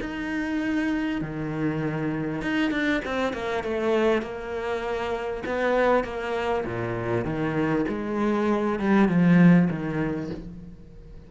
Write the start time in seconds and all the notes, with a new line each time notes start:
0.00 D#4
1.21 D#3
2.42 D#4
2.71 D4
3.04 C4
3.33 A#3
3.63 A3
4.21 A#3
5.45 B3
6.04 A#3
6.65 A#2
7.24 D#3
7.88 G#3
8.79 G3
9.08 F3
9.69 D#3